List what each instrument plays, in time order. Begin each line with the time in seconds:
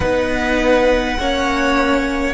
0.00 cello B3, viola D#4, violin B4 F#5
1.19 cello A#3, viola C#4, violin C#5